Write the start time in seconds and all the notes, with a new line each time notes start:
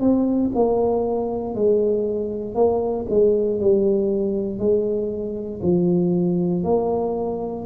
0.00 C4
0.55 A#3
1.55 G#3
2.55 A#3
3.10 G#3
3.61 G3
4.59 G#3
5.62 F3
6.64 A#3